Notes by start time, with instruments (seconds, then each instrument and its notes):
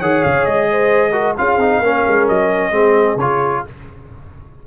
0.00 tuba D#3, trombone G#4, horn C#5, trumpet F#5
0.24 tuba C#3, trumpet F5
0.46 tuba G#3, trumpet D#5
0.71 horn C5
1.12 trombone F#4, horn A#4
1.38 tuba C#4, trombone F4, horn G#4, trumpet F5
1.57 tuba C4, trombone D#4
1.80 tuba A#3, trombone C#4, horn A#4
2.08 tuba G#3
2.29 tuba F#3, trumpet D#5
2.72 tuba G#3, trombone C4, horn G#4
3.16 tuba C#3, trombone F4, trumpet C#5